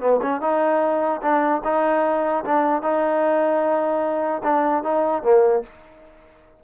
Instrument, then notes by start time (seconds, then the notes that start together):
trombone
0.00 B3
0.22 C#4
0.41 D#4
1.22 D4
1.64 D#4
2.45 D4
2.82 D#4
4.43 D4
4.83 D#4
5.23 A#3